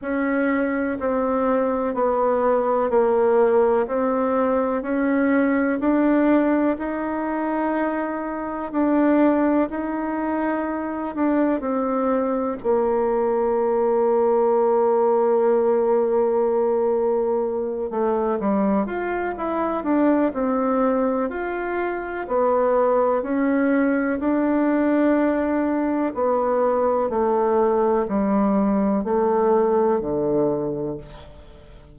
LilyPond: \new Staff \with { instrumentName = "bassoon" } { \time 4/4 \tempo 4 = 62 cis'4 c'4 b4 ais4 | c'4 cis'4 d'4 dis'4~ | dis'4 d'4 dis'4. d'8 | c'4 ais2.~ |
ais2~ ais8 a8 g8 f'8 | e'8 d'8 c'4 f'4 b4 | cis'4 d'2 b4 | a4 g4 a4 d4 | }